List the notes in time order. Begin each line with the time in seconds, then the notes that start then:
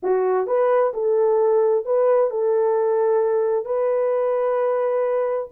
0.02 F#4
0.47 B4
0.93 A4
1.85 B4
2.30 A4
3.65 B4